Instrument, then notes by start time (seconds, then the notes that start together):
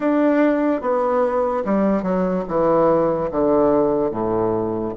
bassoon
0.00 D4
0.81 B3
1.64 G3
2.02 F#3
2.47 E3
3.31 D3
4.11 A2